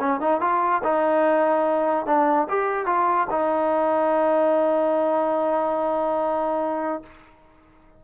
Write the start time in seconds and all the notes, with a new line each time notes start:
0.00 C#4
0.21 D#4
0.41 F4
0.84 D#4
2.06 D4
2.49 G4
2.86 F4
3.31 D#4